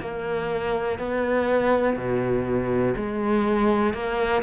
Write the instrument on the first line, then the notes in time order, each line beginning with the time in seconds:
cello
0.00 A#3
0.98 B3
1.96 B2
2.96 G#3
3.93 A#3